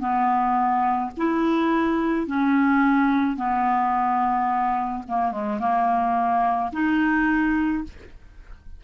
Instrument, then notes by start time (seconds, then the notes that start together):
clarinet
0.00 B3
1.18 E4
2.27 C#4
3.37 B3
5.08 A#3
5.32 G#3
5.60 A#3
6.73 D#4